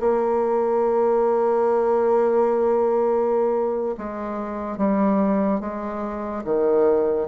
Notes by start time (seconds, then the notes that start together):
0.00 A#3
3.97 G#3
4.77 G3
5.60 G#3
6.44 D#3